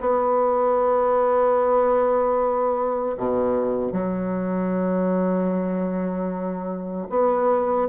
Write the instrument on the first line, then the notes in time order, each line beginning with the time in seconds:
bassoon
0.00 B3
3.17 B2
3.92 F#3
7.09 B3